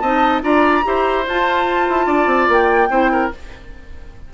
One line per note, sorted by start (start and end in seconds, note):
0.00 0.42 C4
0.00 0.42 D#4
0.00 0.43 D#5
0.00 0.41 A5
0.42 0.84 D4
0.42 0.83 F4
0.42 0.85 D5
0.42 1.25 A#5
0.84 1.27 E4
0.84 1.25 G4
0.84 2.06 C5
1.27 1.89 F4
1.27 2.90 F4
1.27 2.51 A5
1.89 2.07 E4
2.06 2.27 D4
2.06 2.89 D5
2.27 2.47 C4
2.49 2.90 A#3
2.49 3.34 G5
2.90 3.31 C4
2.90 3.31 E4
2.90 3.11 C5
3.12 3.33 A#4